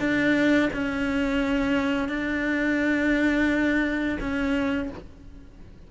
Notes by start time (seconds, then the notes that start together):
0.00 D4
0.73 C#4
2.09 D4
4.21 C#4